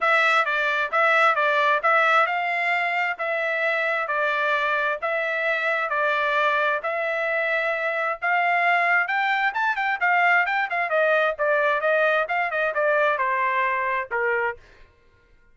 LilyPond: \new Staff \with { instrumentName = "trumpet" } { \time 4/4 \tempo 4 = 132 e''4 d''4 e''4 d''4 | e''4 f''2 e''4~ | e''4 d''2 e''4~ | e''4 d''2 e''4~ |
e''2 f''2 | g''4 a''8 g''8 f''4 g''8 f''8 | dis''4 d''4 dis''4 f''8 dis''8 | d''4 c''2 ais'4 | }